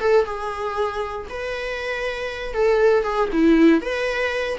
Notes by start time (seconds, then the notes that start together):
0.00 A4
0.25 G#4
1.29 B4
2.54 A4
3.03 G#4
3.33 E4
3.81 B4